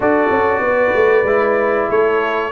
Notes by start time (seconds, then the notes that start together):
0.00 D4 F#4 A4 D5
0.30 C#4
0.59 B3 B4
0.95 A3
1.23 G#3 E4
1.89 A3 A4 C#5